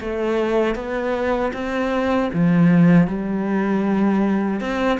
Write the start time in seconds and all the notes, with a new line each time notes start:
0.00 A3
0.75 B3
1.53 C4
2.33 F3
3.07 G3
4.60 C4